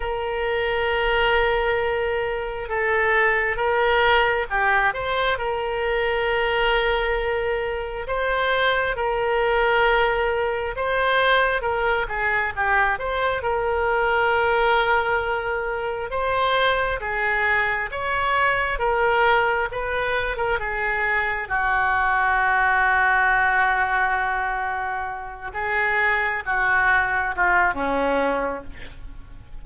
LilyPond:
\new Staff \with { instrumentName = "oboe" } { \time 4/4 \tempo 4 = 67 ais'2. a'4 | ais'4 g'8 c''8 ais'2~ | ais'4 c''4 ais'2 | c''4 ais'8 gis'8 g'8 c''8 ais'4~ |
ais'2 c''4 gis'4 | cis''4 ais'4 b'8. ais'16 gis'4 | fis'1~ | fis'8 gis'4 fis'4 f'8 cis'4 | }